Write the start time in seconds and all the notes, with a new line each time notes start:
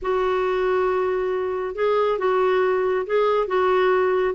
0.01 F#4
1.75 G#4
2.18 F#4
3.06 G#4
3.47 F#4